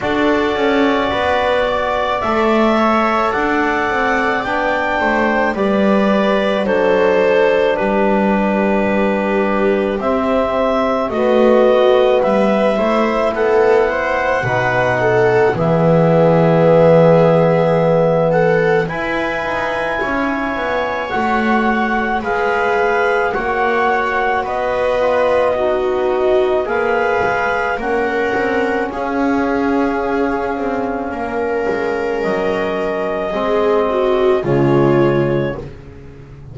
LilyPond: <<
  \new Staff \with { instrumentName = "clarinet" } { \time 4/4 \tempo 4 = 54 d''2 e''4 fis''4 | g''4 d''4 c''4 b'4~ | b'4 e''4 dis''4 e''4 | fis''2 e''2~ |
e''8 fis''8 gis''2 fis''4 | f''4 fis''4 dis''2 | f''4 fis''4 f''2~ | f''4 dis''2 cis''4 | }
  \new Staff \with { instrumentName = "viola" } { \time 4/4 a'4 b'8 d''4 cis''8 d''4~ | d''8 c''8 b'4 a'4 g'4~ | g'2 fis'4 b'8 c''8 | a'8 c''8 b'8 a'8 gis'2~ |
gis'8 a'8 b'4 cis''2 | b'4 cis''4 b'4 fis'4 | b'4 ais'4 gis'2 | ais'2 gis'8 fis'8 f'4 | }
  \new Staff \with { instrumentName = "trombone" } { \time 4/4 fis'2 a'2 | d'4 g'4 d'2~ | d'4 c'4 b4. e'8~ | e'4 dis'4 b2~ |
b4 e'2 fis'4 | gis'4 fis'4. f'8 dis'4 | gis'4 cis'2.~ | cis'2 c'4 gis4 | }
  \new Staff \with { instrumentName = "double bass" } { \time 4/4 d'8 cis'8 b4 a4 d'8 c'8 | b8 a8 g4 fis4 g4~ | g4 c'4 a4 g8 a8 | b4 b,4 e2~ |
e4 e'8 dis'8 cis'8 b8 a4 | gis4 ais4 b2 | ais8 gis8 ais8 c'8 cis'4. c'8 | ais8 gis8 fis4 gis4 cis4 | }
>>